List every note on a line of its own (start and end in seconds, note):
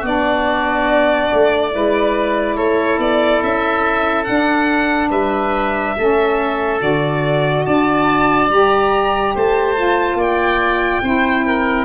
0.00 1.29 B3
0.00 1.70 D4
0.00 1.69 F#4
0.00 2.56 D5
1.33 1.75 A3
1.70 2.58 G#3
1.70 4.24 E4
1.70 2.56 B4
2.56 2.98 A3
2.56 5.09 A4
2.56 2.99 C#5
2.98 3.40 B3
2.98 3.42 D5
3.43 4.27 C#4
3.43 4.24 E5
4.24 5.96 D4
4.24 5.10 D4
4.24 5.08 F#5
5.10 5.95 G3
5.10 5.94 B4
5.10 6.80 E5
5.97 6.81 A3
5.97 6.80 C#4
5.97 7.66 A4
6.80 7.65 D3
6.80 8.49 F#4
6.80 7.65 D5
7.65 8.49 D4
7.65 9.35 D5
7.65 8.50 A5
8.49 9.33 G3
8.49 9.75 G4
8.49 9.35 A#5
9.35 10.14 A3
9.35 10.17 C5
9.35 10.20 A5
9.75 11.02 F4
10.14 10.98 A#3
10.14 11.02 D5
10.20 11.85 G5
11.02 11.85 C4
11.02 11.85 E4
11.02 11.45 C5
11.46 11.85 A#4